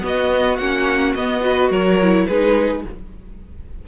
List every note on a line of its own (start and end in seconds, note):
0.00 0.56 B3
0.00 0.58 B3
0.00 1.42 F#4
0.06 0.57 D#5
0.57 1.14 A#3
0.57 1.16 C#4
0.57 1.13 F#5
1.14 1.70 B3
1.14 1.40 B3
1.14 1.71 D#5
1.40 1.96 F#4
1.40 1.70 B4
1.70 2.26 F#3
1.70 2.26 A#4
1.70 2.26 C#5
2.02 2.30 E4
2.26 2.85 G#3
2.26 2.87 D#4
2.26 2.84 G#4
2.26 2.82 B4